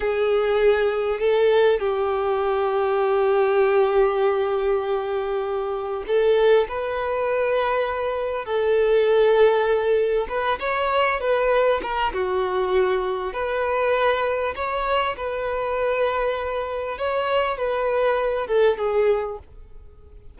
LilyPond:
\new Staff \with { instrumentName = "violin" } { \time 4/4 \tempo 4 = 99 gis'2 a'4 g'4~ | g'1~ | g'2 a'4 b'4~ | b'2 a'2~ |
a'4 b'8 cis''4 b'4 ais'8 | fis'2 b'2 | cis''4 b'2. | cis''4 b'4. a'8 gis'4 | }